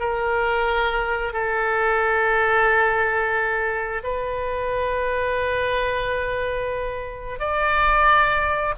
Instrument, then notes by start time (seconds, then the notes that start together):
oboe
0.00 A#4
1.33 A4
4.04 B4
7.40 D5